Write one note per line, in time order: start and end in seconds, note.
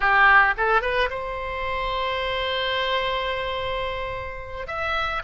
0.00 0.54 G4
0.57 0.81 A4
0.81 1.09 B4
1.10 4.67 C5
4.67 5.22 E5